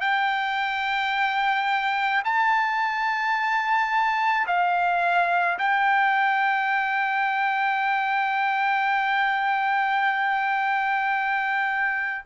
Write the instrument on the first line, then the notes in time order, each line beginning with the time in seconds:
trumpet
0.00 G5
2.24 A5
4.46 F5
5.59 G5